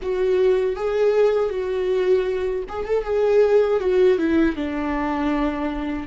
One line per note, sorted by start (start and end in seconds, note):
0.01 0.76 F#4
0.76 1.49 G#4
1.49 2.63 F#4
2.69 2.85 G#4
2.85 3.04 A4
3.04 3.80 G#4
3.80 4.18 F#4
4.18 4.56 E4
4.56 6.07 D4